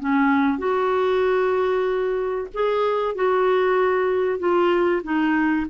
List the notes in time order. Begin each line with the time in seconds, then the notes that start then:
0.00 C#4
0.58 F#4
2.54 G#4
3.15 F#4
4.39 F4
5.04 D#4